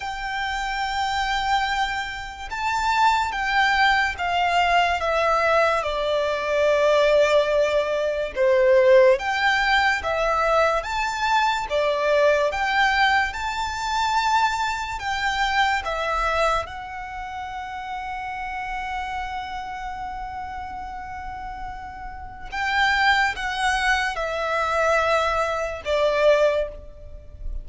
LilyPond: \new Staff \with { instrumentName = "violin" } { \time 4/4 \tempo 4 = 72 g''2. a''4 | g''4 f''4 e''4 d''4~ | d''2 c''4 g''4 | e''4 a''4 d''4 g''4 |
a''2 g''4 e''4 | fis''1~ | fis''2. g''4 | fis''4 e''2 d''4 | }